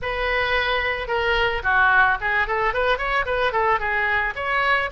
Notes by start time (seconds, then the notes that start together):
0.02 B4
1.07 A#4
1.63 F#4
2.20 G#4
2.47 A4
2.73 B4
2.98 C#5
3.25 B4
3.52 A4
3.79 G#4
4.35 C#5